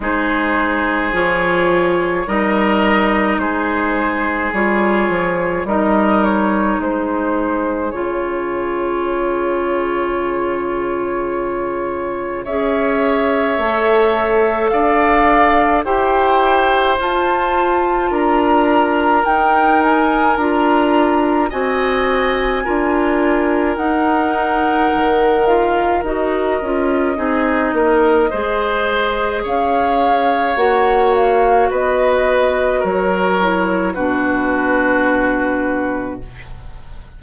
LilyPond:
<<
  \new Staff \with { instrumentName = "flute" } { \time 4/4 \tempo 4 = 53 c''4 cis''4 dis''4 c''4 | cis''4 dis''8 cis''8 c''4 cis''4~ | cis''2. e''4~ | e''4 f''4 g''4 a''4 |
ais''4 g''8 gis''8 ais''4 gis''4~ | gis''4 fis''4. f''8 dis''4~ | dis''2 f''4 fis''8 f''8 | dis''4 cis''4 b'2 | }
  \new Staff \with { instrumentName = "oboe" } { \time 4/4 gis'2 ais'4 gis'4~ | gis'4 ais'4 gis'2~ | gis'2. cis''4~ | cis''4 d''4 c''2 |
ais'2. dis''4 | ais'1 | gis'8 ais'8 c''4 cis''2 | b'4 ais'4 fis'2 | }
  \new Staff \with { instrumentName = "clarinet" } { \time 4/4 dis'4 f'4 dis'2 | f'4 dis'2 f'4~ | f'2. gis'4 | a'2 g'4 f'4~ |
f'4 dis'4 f'4 fis'4 | f'4 dis'4. f'8 fis'8 f'8 | dis'4 gis'2 fis'4~ | fis'4. e'8 d'2 | }
  \new Staff \with { instrumentName = "bassoon" } { \time 4/4 gis4 f4 g4 gis4 | g8 f8 g4 gis4 cis4~ | cis2. cis'4 | a4 d'4 e'4 f'4 |
d'4 dis'4 d'4 c'4 | d'4 dis'4 dis4 dis'8 cis'8 | c'8 ais8 gis4 cis'4 ais4 | b4 fis4 b,2 | }
>>